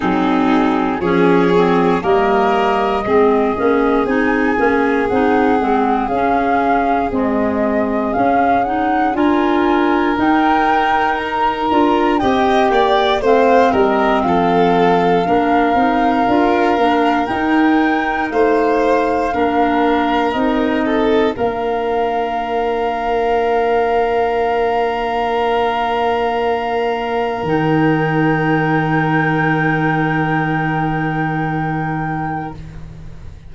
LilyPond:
<<
  \new Staff \with { instrumentName = "flute" } { \time 4/4 \tempo 4 = 59 gis'4 cis''4 dis''2 | gis''4 fis''4 f''4 dis''4 | f''8 fis''8 gis''4 g''4 ais''4 | g''4 f''8 dis''8 f''2~ |
f''4 g''4 f''2 | dis''4 f''2.~ | f''2. g''4~ | g''1 | }
  \new Staff \with { instrumentName = "violin" } { \time 4/4 dis'4 gis'4 ais'4 gis'4~ | gis'1~ | gis'4 ais'2. | dis''8 d''8 c''8 ais'8 a'4 ais'4~ |
ais'2 c''4 ais'4~ | ais'8 a'8 ais'2.~ | ais'1~ | ais'1 | }
  \new Staff \with { instrumentName = "clarinet" } { \time 4/4 c'4 cis'8 c'8 ais4 c'8 cis'8 | dis'8 cis'8 dis'8 c'8 cis'4 gis4 | cis'8 dis'8 f'4 dis'4. f'8 | g'4 c'2 d'8 dis'8 |
f'8 d'8 dis'2 d'4 | dis'4 d'2.~ | d'2. dis'4~ | dis'1 | }
  \new Staff \with { instrumentName = "tuba" } { \time 4/4 fis4 f4 g4 gis8 ais8 | c'8 ais8 c'8 gis8 cis'4 c'4 | cis'4 d'4 dis'4. d'8 | c'8 ais8 a8 g8 f4 ais8 c'8 |
d'8 ais8 dis'4 a4 ais4 | c'4 ais2.~ | ais2. dis4~ | dis1 | }
>>